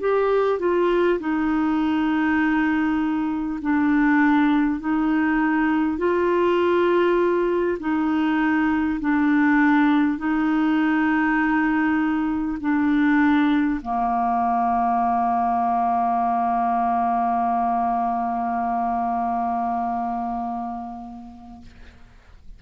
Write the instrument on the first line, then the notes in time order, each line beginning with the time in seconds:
clarinet
0.00 G4
0.59 F4
1.19 D#4
3.62 D4
4.81 D#4
5.98 F4
7.80 D#4
9.01 D4
10.18 D#4
12.61 D4
13.82 A#3